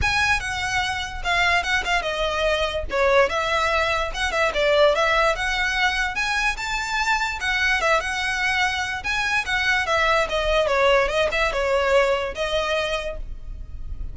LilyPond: \new Staff \with { instrumentName = "violin" } { \time 4/4 \tempo 4 = 146 gis''4 fis''2 f''4 | fis''8 f''8 dis''2 cis''4 | e''2 fis''8 e''8 d''4 | e''4 fis''2 gis''4 |
a''2 fis''4 e''8 fis''8~ | fis''2 gis''4 fis''4 | e''4 dis''4 cis''4 dis''8 e''8 | cis''2 dis''2 | }